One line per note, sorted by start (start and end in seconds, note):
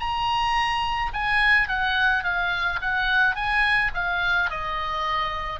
0.00 1.12 A#5
1.14 1.68 G#5
1.68 2.24 F#5
2.24 2.80 F5
2.81 3.36 F#5
3.36 3.92 G#5
3.94 4.50 F5
4.50 5.60 D#5